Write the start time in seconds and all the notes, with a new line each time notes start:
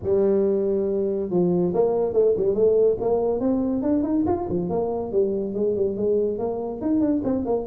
0.02 G3
1.30 F3
1.74 A#3
2.13 A3
2.36 G3
2.54 A3
3.00 A#3
3.40 C4
3.82 D4
4.03 D#4
4.26 F4
4.49 F3
4.69 A#3
5.12 G3
5.54 G#3
5.76 G3
5.96 G#3
6.38 A#3
6.81 D#4
7.00 D4
7.24 C4
7.45 A#3